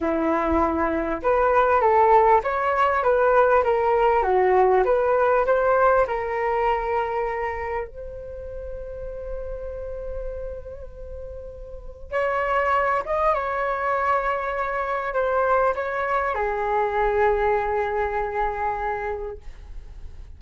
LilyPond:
\new Staff \with { instrumentName = "flute" } { \time 4/4 \tempo 4 = 99 e'2 b'4 a'4 | cis''4 b'4 ais'4 fis'4 | b'4 c''4 ais'2~ | ais'4 c''2.~ |
c''1 | cis''4. dis''8 cis''2~ | cis''4 c''4 cis''4 gis'4~ | gis'1 | }